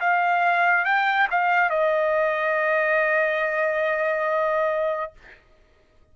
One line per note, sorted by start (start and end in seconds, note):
0.00 0.85 F5
0.85 1.28 G5
1.31 1.70 F5
1.70 5.13 D#5